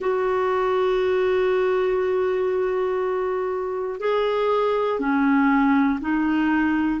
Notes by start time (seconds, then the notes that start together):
0.00 F#4
4.00 G#4
5.00 C#4
6.00 D#4